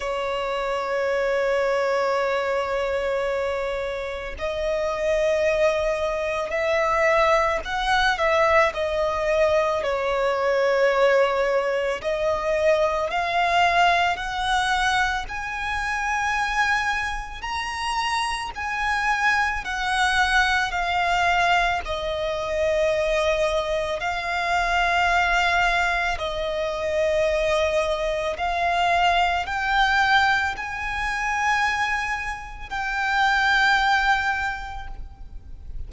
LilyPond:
\new Staff \with { instrumentName = "violin" } { \time 4/4 \tempo 4 = 55 cis''1 | dis''2 e''4 fis''8 e''8 | dis''4 cis''2 dis''4 | f''4 fis''4 gis''2 |
ais''4 gis''4 fis''4 f''4 | dis''2 f''2 | dis''2 f''4 g''4 | gis''2 g''2 | }